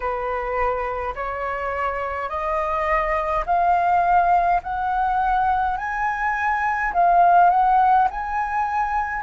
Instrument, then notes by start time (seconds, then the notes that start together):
flute
0.00 B4
1.15 C#5
2.29 D#5
3.46 F5
4.63 F#5
5.77 G#5
6.93 F5
7.50 F#5
8.10 G#5